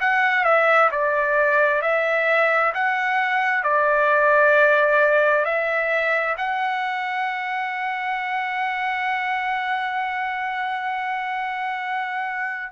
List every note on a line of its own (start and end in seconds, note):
0.00 0.44 F#5
0.44 0.89 E5
0.91 1.81 D5
1.81 2.72 E5
2.74 3.63 F#5
3.63 5.45 D5
5.45 6.36 E5
6.37 12.72 F#5